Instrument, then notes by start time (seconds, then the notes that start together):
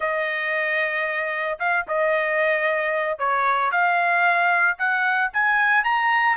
trumpet
0.00 D#5
1.59 F5
1.87 D#5
3.18 C#5
3.71 F5
4.78 F#5
5.33 G#5
5.84 A#5